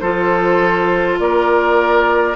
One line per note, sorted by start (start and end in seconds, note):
0.00 1.19 F3
0.00 2.36 F4
0.00 1.20 A4
0.00 1.18 C5
1.19 2.36 A#3
1.19 2.36 A#4
1.19 2.36 D5